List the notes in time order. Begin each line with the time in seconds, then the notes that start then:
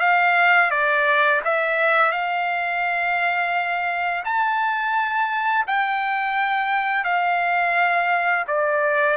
0.00 F5
0.71 D5
1.45 E5
2.12 F5
4.24 A5
5.67 G5
7.04 F5
8.47 D5